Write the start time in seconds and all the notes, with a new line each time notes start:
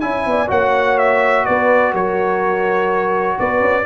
0.00 C#4 E4 E5 G#5
0.26 B3 D5
0.47 A#3 F#4 C#5 F#5
0.98 E5
1.45 B3 B4 D5
1.93 F#3 A#4 C#5
3.39 B3 B4 D5
3.60 C#4